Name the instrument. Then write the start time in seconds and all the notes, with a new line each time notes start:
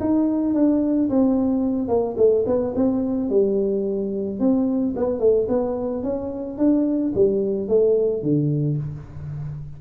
tuba
0.00 D#4
0.54 D4
1.09 C4
1.88 A#3
2.17 A3
2.46 B3
2.75 C4
3.30 G3
4.39 C4
4.96 B3
5.20 A3
5.48 B3
6.03 C#4
6.58 D4
7.15 G3
7.68 A3
8.22 D3